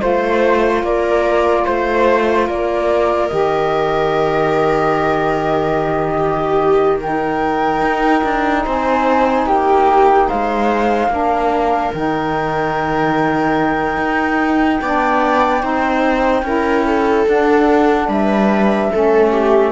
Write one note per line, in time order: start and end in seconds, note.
0.00 0.83 A3
0.00 3.29 F4
0.00 0.84 C5
0.00 0.85 C5
0.83 1.66 A#3
0.83 1.65 A#4
0.83 1.66 D5
1.65 2.49 A3
1.65 2.47 C5
1.65 2.48 C5
2.47 3.31 A#3
2.47 6.17 A#4
2.47 3.29 D5
3.29 7.82 D#3
3.29 7.01 G4
3.29 6.98 D#5
6.18 7.00 G4
7.01 11.11 D#4
7.01 8.65 A#4
7.01 8.66 G5
7.82 8.23 D#4
8.24 8.65 D4
8.65 9.47 C4
8.65 9.47 C5
8.65 9.48 G#5
9.47 10.29 A#3
9.47 10.29 G4
9.47 10.29 G5
10.29 11.09 G#3
10.29 11.11 C5
10.29 11.94 F5
11.09 11.91 A#3
11.09 11.93 D4
11.15 14.82 A#4
11.94 13.97 D#3
11.94 14.82 D#4
11.94 17.29 G5
13.97 14.80 D#4
14.82 15.63 B3
14.82 15.61 D4
14.82 15.63 D5
15.61 16.43 C4
15.61 16.44 D#4
15.61 16.45 C5
16.43 17.25 C#4
16.43 17.26 E4
16.43 16.86 A#4
16.86 18.09 A4
17.29 18.09 D4
17.29 18.93 D4
17.29 18.11 F#5
18.09 18.91 G3
18.09 18.91 B4
18.09 19.72 E5
18.92 19.72 A3
18.92 19.72 C#4
18.92 19.32 A4
19.32 19.72 G4